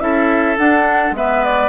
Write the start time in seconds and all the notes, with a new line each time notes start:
0.00 C#4 E4 A4 E5
0.58 D4 F#5
1.12 G#3 B3 B4 E5
1.44 D5